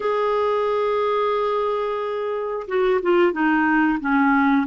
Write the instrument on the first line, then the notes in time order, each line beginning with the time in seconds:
clarinet
0.00 G#4
2.67 F#4
3.02 F4
3.32 D#4
4.00 C#4